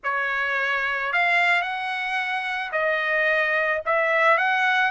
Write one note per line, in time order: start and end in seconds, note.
0.03 1.12 C#5
1.13 1.62 F5
1.62 2.71 F#5
2.72 3.81 D#5
3.85 4.37 E5
4.37 4.91 F#5